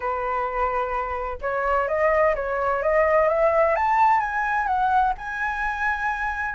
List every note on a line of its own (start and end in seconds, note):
0.00 1.38 B4
1.41 1.87 C#5
1.87 2.34 D#5
2.35 2.82 C#5
2.82 3.28 D#5
3.28 3.75 E5
3.75 4.20 A5
4.20 4.66 G#5
4.66 5.13 F#5
5.17 6.55 G#5